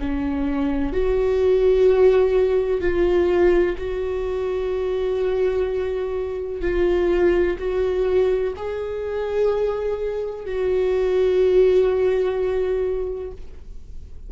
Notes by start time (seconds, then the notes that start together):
0.00 C#4
0.93 F#4
2.81 F4
3.78 F#4
6.61 F4
7.59 F#4
8.56 G#4
10.46 F#4